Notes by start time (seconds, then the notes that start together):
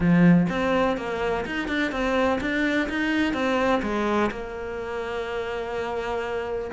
0.00 F3
0.49 C4
0.97 A#3
1.46 D#4
1.68 D4
1.91 C4
2.40 D4
2.89 D#4
3.33 C4
3.82 G#3
4.30 A#3